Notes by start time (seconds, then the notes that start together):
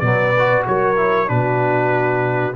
0.00 B2 F#3 B4 D5
0.39 F#4
0.67 F#3 A#4 C#5
0.96 E4
1.27 B2 D4 F#4 B4